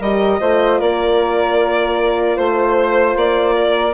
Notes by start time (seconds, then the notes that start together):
0.00 G3 G4 A#4 D#5
0.41 A3 F4 C5
0.80 A#3 A#4 D5
2.36 A3 C5
3.16 A#3 D5
3.56 A#4